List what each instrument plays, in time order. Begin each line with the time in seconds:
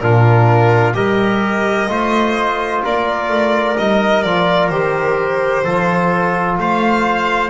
0.00 double bass A#2, trombone D4, trumpet F4, violin A#4
0.94 double bass G3, trombone G4, trumpet A#4, violin D#5
1.89 double bass A3, trombone F4, trumpet C5
2.85 double bass A#3, trumpet A#4, violin D5
3.29 double bass A3
3.78 double bass G3, trombone D#4, violin D#5
4.23 double bass F3, trombone F4, violin D5
4.69 double bass D#3, trombone G4, violin C5
5.65 double bass F3, trombone F4, trumpet A4
6.58 double bass A3, trumpet C5, violin F5